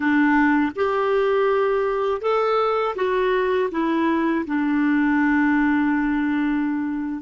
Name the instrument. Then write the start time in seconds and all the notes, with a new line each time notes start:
clarinet
0.00 D4
0.75 G4
2.21 A4
2.95 F#4
3.71 E4
4.46 D4